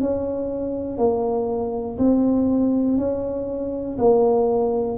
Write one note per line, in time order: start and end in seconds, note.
0.00 0.98 C#4
0.98 1.98 A#3
1.98 2.98 C4
2.98 3.98 C#4
3.98 4.98 A#3